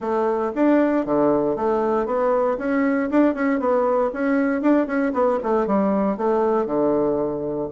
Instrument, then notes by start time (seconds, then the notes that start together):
bassoon
0.00 A3
0.55 D4
1.05 D3
1.56 A3
2.06 B3
2.58 C#4
3.10 D4
3.34 C#4
3.59 B3
4.13 C#4
4.61 D4
4.86 C#4
5.13 B3
5.43 A3
5.67 G3
6.17 A3
6.65 D3